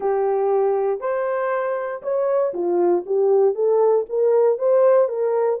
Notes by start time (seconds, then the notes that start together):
0.00 G4
1.00 C5
2.02 C#5
2.53 F4
3.06 G4
3.55 A4
4.09 A#4
4.58 C5
5.08 A#4